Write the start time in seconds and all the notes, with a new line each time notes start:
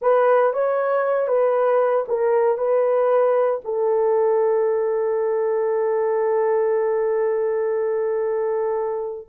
0.01 B4
0.53 C#5
1.27 B4
2.08 A#4
2.57 B4
3.64 A4